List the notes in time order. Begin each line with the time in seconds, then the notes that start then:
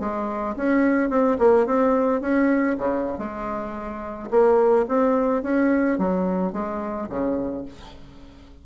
0.00 G#3
0.56 C#4
1.10 C4
1.38 A#3
1.66 C4
2.21 C#4
2.78 C#3
3.18 G#3
4.30 A#3
4.88 C4
5.42 C#4
5.98 F#3
6.53 G#3
7.09 C#3